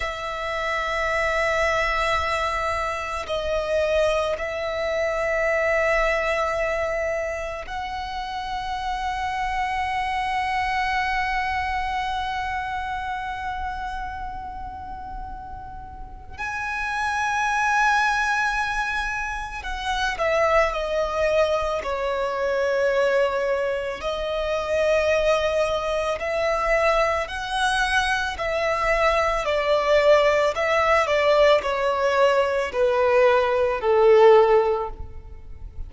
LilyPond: \new Staff \with { instrumentName = "violin" } { \time 4/4 \tempo 4 = 55 e''2. dis''4 | e''2. fis''4~ | fis''1~ | fis''2. gis''4~ |
gis''2 fis''8 e''8 dis''4 | cis''2 dis''2 | e''4 fis''4 e''4 d''4 | e''8 d''8 cis''4 b'4 a'4 | }